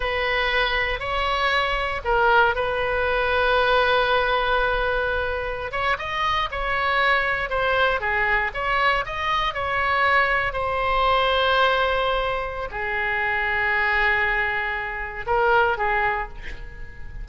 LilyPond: \new Staff \with { instrumentName = "oboe" } { \time 4/4 \tempo 4 = 118 b'2 cis''2 | ais'4 b'2.~ | b'2.~ b'16 cis''8 dis''16~ | dis''8. cis''2 c''4 gis'16~ |
gis'8. cis''4 dis''4 cis''4~ cis''16~ | cis''8. c''2.~ c''16~ | c''4 gis'2.~ | gis'2 ais'4 gis'4 | }